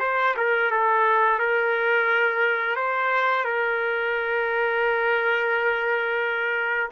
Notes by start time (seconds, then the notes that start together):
0.00 C5
0.37 A#4
0.71 A4
1.39 A#4
2.76 C5
3.45 A#4